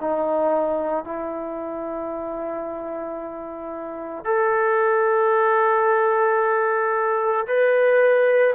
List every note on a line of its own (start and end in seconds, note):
0.00 1.04 D#4
1.04 4.25 E4
4.25 7.46 A4
7.47 8.54 B4